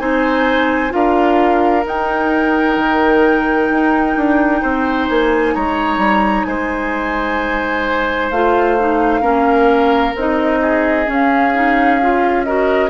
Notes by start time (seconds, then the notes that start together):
0.00 C4 D#4 C5 G#5
0.90 D4 F4 A#4 F5
1.86 D#4 G5
2.77 D#3
3.70 D#4
4.17 D4
4.62 C4 C5
5.09 A#3 G#5
5.55 G#3 C#5 A#5
5.98 G3
6.45 G#3 C5 G#5
8.31 A3 F4 F5
8.79 D#4
9.21 A#3 C#4 A#4
10.15 C4 D#4 D#5
10.62 G#4
11.07 C#4 F5
11.55 D#4
12.02 F4
12.45 F#4 A#4 D#5